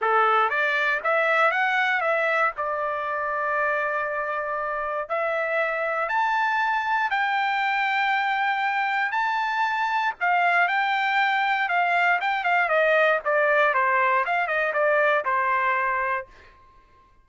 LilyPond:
\new Staff \with { instrumentName = "trumpet" } { \time 4/4 \tempo 4 = 118 a'4 d''4 e''4 fis''4 | e''4 d''2.~ | d''2 e''2 | a''2 g''2~ |
g''2 a''2 | f''4 g''2 f''4 | g''8 f''8 dis''4 d''4 c''4 | f''8 dis''8 d''4 c''2 | }